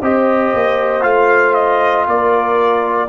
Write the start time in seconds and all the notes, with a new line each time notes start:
0.00 C4 G4 C5 D#5
0.53 A#3
1.01 A3 F4 F5
1.53 D#5
2.07 A#3 A#4 D5